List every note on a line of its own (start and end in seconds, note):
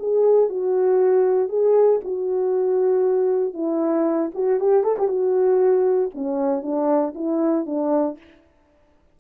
0.00 0.50 G#4
0.50 1.49 F#4
1.49 2.01 G#4
2.05 3.54 F#4
3.54 4.31 E4
4.35 4.61 F#4
4.61 4.84 G4
4.84 4.97 A4
4.99 5.08 G4
5.08 6.11 F#4
6.15 6.63 C#4
6.63 7.14 D4
7.15 7.67 E4
7.67 8.18 D4